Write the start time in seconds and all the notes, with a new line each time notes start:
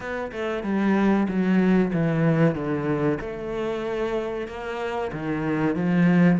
0.00 B3
0.32 A3
0.63 G3
1.28 F#3
1.93 E3
2.55 D3
3.20 A3
4.47 A#3
5.12 D#3
5.75 F3